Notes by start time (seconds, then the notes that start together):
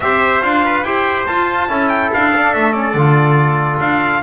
0.00 C4 G4 C5 E5
0.41 D4 F4 F5
0.65 B4
0.83 E4 G4 C5 G5
1.26 F4 A5
1.69 C#4 E4 A4
1.88 G5
2.13 D4 F5
2.35 D4
2.54 A3 E5
2.72 C#4 D5
2.93 D3 F4
3.80 D4 F5